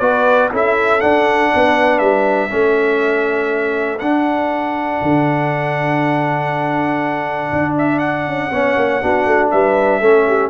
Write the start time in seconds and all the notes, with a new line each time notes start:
0.00 B3 F#4 B4 D5
0.53 C#4 E4 A4 E5
1.01 D4 F#5
1.55 B3 B4
1.99 G3 E5
2.49 A3 C#4 A4
3.99 D4 F#5
5.02 D3
7.53 D4
7.78 E5
7.99 F#5
8.28 C#4
8.51 B3 C#4 C#5
8.77 A#3
9.02 B3 D4 F#4
9.26 A3
9.51 G3 B4 E5
10.01 A3 C#4 A4
10.28 G4